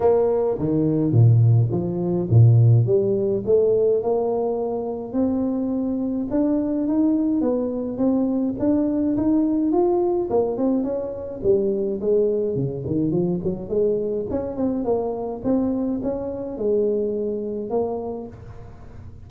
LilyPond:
\new Staff \with { instrumentName = "tuba" } { \time 4/4 \tempo 4 = 105 ais4 dis4 ais,4 f4 | ais,4 g4 a4 ais4~ | ais4 c'2 d'4 | dis'4 b4 c'4 d'4 |
dis'4 f'4 ais8 c'8 cis'4 | g4 gis4 cis8 dis8 f8 fis8 | gis4 cis'8 c'8 ais4 c'4 | cis'4 gis2 ais4 | }